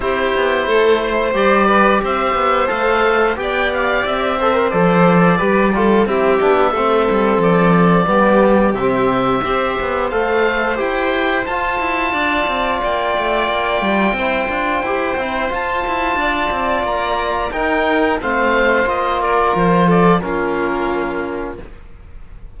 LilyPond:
<<
  \new Staff \with { instrumentName = "oboe" } { \time 4/4 \tempo 4 = 89 c''2 d''4 e''4 | f''4 g''8 f''8 e''4 d''4~ | d''4 e''2 d''4~ | d''4 e''2 f''4 |
g''4 a''2 g''4~ | g''2. a''4~ | a''4 ais''4 g''4 f''4 | dis''8 d''8 c''8 d''8 ais'2 | }
  \new Staff \with { instrumentName = "violin" } { \time 4/4 g'4 a'8 c''4 b'8 c''4~ | c''4 d''4. c''4. | b'8 a'8 g'4 a'2 | g'2 c''2~ |
c''2 d''2~ | d''4 c''2. | d''2 ais'4 c''4~ | c''8 ais'4 a'8 f'2 | }
  \new Staff \with { instrumentName = "trombone" } { \time 4/4 e'2 g'2 | a'4 g'4. a'16 ais'16 a'4 | g'8 f'8 e'8 d'8 c'2 | b4 c'4 g'4 a'4 |
g'4 f'2.~ | f'4 e'8 f'8 g'8 e'8 f'4~ | f'2 dis'4 c'4 | f'2 cis'2 | }
  \new Staff \with { instrumentName = "cello" } { \time 4/4 c'8 b8 a4 g4 c'8 b8 | a4 b4 c'4 f4 | g4 c'8 b8 a8 g8 f4 | g4 c4 c'8 b8 a4 |
e'4 f'8 e'8 d'8 c'8 ais8 a8 | ais8 g8 c'8 d'8 e'8 c'8 f'8 e'8 | d'8 c'8 ais4 dis'4 a4 | ais4 f4 ais2 | }
>>